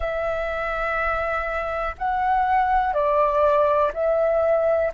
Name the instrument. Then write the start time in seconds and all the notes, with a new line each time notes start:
flute
0.00 E5
1.98 F#5
2.93 D5
3.93 E5